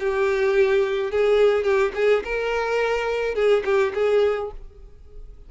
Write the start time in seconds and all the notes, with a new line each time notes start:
0.00 G4
1.12 G#4
1.64 G4
1.95 G#4
2.25 A#4
3.35 G#4
3.65 G4
3.95 G#4